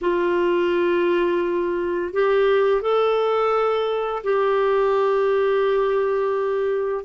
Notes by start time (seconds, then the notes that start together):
0.01 F4
2.13 G4
2.81 A4
4.23 G4